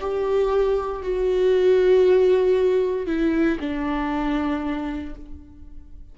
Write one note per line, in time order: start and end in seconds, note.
0.00 1.02 G4
1.02 3.07 F#4
3.07 3.58 E4
3.60 5.15 D4